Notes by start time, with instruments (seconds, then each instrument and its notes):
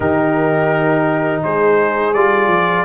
0.00 tuba D#3, trombone D#4, horn G4, trumpet A#4
1.43 tuba G#3, horn G#4, trumpet C5
2.13 tuba G3, trombone F4, trumpet D5
2.47 tuba F3